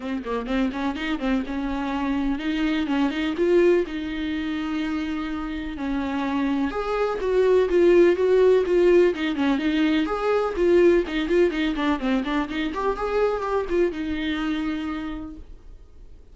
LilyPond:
\new Staff \with { instrumentName = "viola" } { \time 4/4 \tempo 4 = 125 c'8 ais8 c'8 cis'8 dis'8 c'8 cis'4~ | cis'4 dis'4 cis'8 dis'8 f'4 | dis'1 | cis'2 gis'4 fis'4 |
f'4 fis'4 f'4 dis'8 cis'8 | dis'4 gis'4 f'4 dis'8 f'8 | dis'8 d'8 c'8 d'8 dis'8 g'8 gis'4 | g'8 f'8 dis'2. | }